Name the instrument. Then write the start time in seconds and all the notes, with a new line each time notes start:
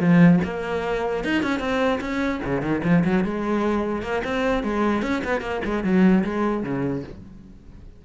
cello
0.00 F3
0.45 A#3
1.24 D#4
1.43 C#4
1.60 C4
2.01 C#4
2.45 C#3
2.62 D#3
2.84 F3
3.05 F#3
3.25 G#3
4.03 A#3
4.24 C4
4.63 G#3
5.03 C#4
5.24 B3
5.41 A#3
5.65 G#3
5.84 F#3
6.24 G#3
6.64 C#3